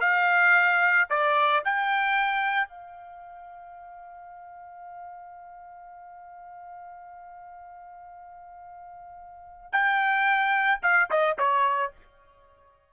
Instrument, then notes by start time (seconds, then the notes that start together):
trumpet
0.00 F5
1.10 D5
1.65 G5
2.68 F5
9.72 G5
10.82 F5
11.10 D#5
11.38 C#5